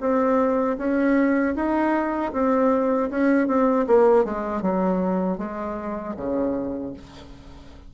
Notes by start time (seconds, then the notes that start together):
0.00 C4
0.77 C#4
1.55 D#4
2.33 C4
3.10 C#4
3.47 C4
3.87 A#3
4.24 G#3
4.62 F#3
5.37 G#3
6.16 C#3